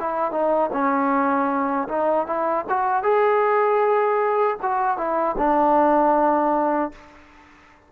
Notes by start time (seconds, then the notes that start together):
0.00 E4
0.32 D#4
0.73 C#4
1.88 D#4
2.27 E4
2.69 F#4
3.03 G#4
4.62 F#4
4.98 E4
5.38 D4